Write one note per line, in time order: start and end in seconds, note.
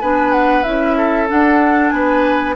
0.00 0.65 B3
0.00 0.64 D4
0.00 0.97 B4
0.00 0.32 G#5
0.32 0.63 F#5
0.63 1.30 C#4
0.63 1.27 E4
0.63 1.27 E5
0.97 1.94 A4
1.27 2.55 D4
1.27 1.92 D4
1.27 1.89 F#5
1.89 2.55 B3
1.89 2.55 B4
1.89 2.53 G#5